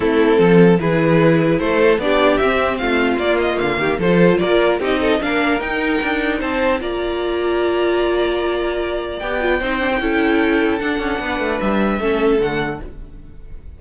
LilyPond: <<
  \new Staff \with { instrumentName = "violin" } { \time 4/4 \tempo 4 = 150 a'2 b'2 | c''4 d''4 e''4 f''4 | d''8 dis''8 f''4 c''4 d''4 | dis''4 f''4 g''2 |
a''4 ais''2.~ | ais''2. g''4~ | g''2. fis''4~ | fis''4 e''2 fis''4 | }
  \new Staff \with { instrumentName = "violin" } { \time 4/4 e'4 a'4 gis'2 | a'4 g'2 f'4~ | f'4. g'8 a'4 ais'4 | g'8 a'8 ais'2. |
c''4 d''2.~ | d''1 | c''4 a'2. | b'2 a'2 | }
  \new Staff \with { instrumentName = "viola" } { \time 4/4 c'2 e'2~ | e'4 d'4 c'2 | ais2 f'2 | dis'4 d'4 dis'2~ |
dis'4 f'2.~ | f'2. g'8 f'8 | dis'8 d'16 dis'16 e'2 d'4~ | d'2 cis'4 a4 | }
  \new Staff \with { instrumentName = "cello" } { \time 4/4 a4 f4 e2 | a4 b4 c'4 a4 | ais4 d8 dis8 f4 ais4 | c'4 ais4 dis'4 d'4 |
c'4 ais2.~ | ais2. b4 | c'4 cis'2 d'8 cis'8 | b8 a8 g4 a4 d4 | }
>>